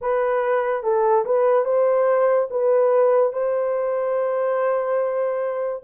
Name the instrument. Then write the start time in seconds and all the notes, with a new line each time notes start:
horn
0.01 B4
0.83 A4
1.25 B4
1.64 C5
2.50 B4
3.32 C5